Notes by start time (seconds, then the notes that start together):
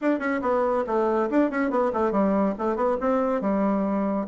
0.01 D4
0.19 C#4
0.41 B3
0.86 A3
1.30 D4
1.50 C#4
1.70 B3
1.93 A3
2.11 G3
2.58 A3
2.75 B3
3.00 C4
3.41 G3